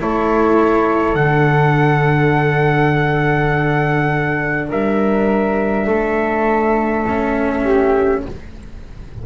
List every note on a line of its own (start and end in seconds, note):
0.00 1.14 A3
0.00 1.16 E4
0.00 4.68 A4
0.00 1.15 C#5
1.14 4.67 D3
1.14 7.04 D4
1.14 4.68 F#5
4.68 5.87 G3
4.68 5.86 A#4
4.68 8.24 E5
5.86 8.23 A3
5.86 7.62 A4
7.08 8.25 C#4
7.63 8.22 G4